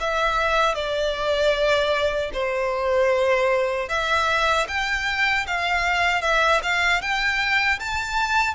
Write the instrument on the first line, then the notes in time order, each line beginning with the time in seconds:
violin
0.00 E5
0.75 D5
2.33 C5
3.89 E5
4.68 G5
5.47 F5
6.22 E5
6.63 F5
7.01 G5
7.80 A5